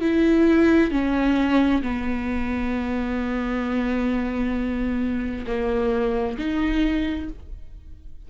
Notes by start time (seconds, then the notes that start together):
0.00 E4
0.90 C#4
1.82 B3
5.46 A#3
6.38 D#4